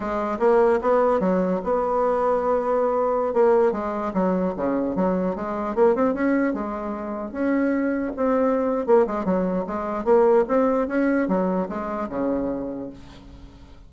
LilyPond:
\new Staff \with { instrumentName = "bassoon" } { \time 4/4 \tempo 4 = 149 gis4 ais4 b4 fis4 | b1~ | b16 ais4 gis4 fis4 cis8.~ | cis16 fis4 gis4 ais8 c'8 cis'8.~ |
cis'16 gis2 cis'4.~ cis'16~ | cis'16 c'4.~ c'16 ais8 gis8 fis4 | gis4 ais4 c'4 cis'4 | fis4 gis4 cis2 | }